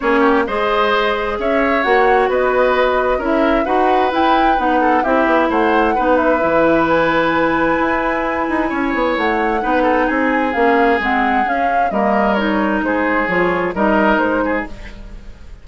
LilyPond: <<
  \new Staff \with { instrumentName = "flute" } { \time 4/4 \tempo 4 = 131 cis''4 dis''2 e''4 | fis''4 dis''2 e''4 | fis''4 g''4 fis''4 e''4 | fis''4. e''4. gis''4~ |
gis''1 | fis''2 gis''4 f''4 | fis''4 f''4 dis''4 cis''4 | c''4 cis''4 dis''4 c''4 | }
  \new Staff \with { instrumentName = "oboe" } { \time 4/4 gis'8 g'8 c''2 cis''4~ | cis''4 b'2 ais'4 | b'2~ b'8 a'8 g'4 | c''4 b'2.~ |
b'2. cis''4~ | cis''4 b'8 a'8 gis'2~ | gis'2 ais'2 | gis'2 ais'4. gis'8 | }
  \new Staff \with { instrumentName = "clarinet" } { \time 4/4 cis'4 gis'2. | fis'2. e'4 | fis'4 e'4 dis'4 e'4~ | e'4 dis'4 e'2~ |
e'1~ | e'4 dis'2 cis'4 | c'4 cis'4 ais4 dis'4~ | dis'4 f'4 dis'2 | }
  \new Staff \with { instrumentName = "bassoon" } { \time 4/4 ais4 gis2 cis'4 | ais4 b2 cis'4 | dis'4 e'4 b4 c'8 b8 | a4 b4 e2~ |
e4 e'4. dis'8 cis'8 b8 | a4 b4 c'4 ais4 | gis4 cis'4 g2 | gis4 f4 g4 gis4 | }
>>